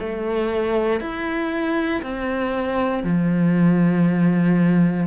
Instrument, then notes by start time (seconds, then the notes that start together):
cello
0.00 A3
1.00 E4
2.02 C4
3.04 F3